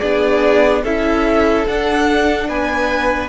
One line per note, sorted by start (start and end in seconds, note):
0.00 0.83 B3
0.00 0.84 D4
0.00 0.82 G#4
0.00 0.82 D5
0.83 1.65 C#4
0.83 1.67 E4
0.83 2.48 A4
0.83 1.67 E5
1.67 3.29 D4
1.67 2.48 D4
1.67 2.49 F#5
2.48 3.29 B3
2.48 3.29 B4
2.48 3.29 G#5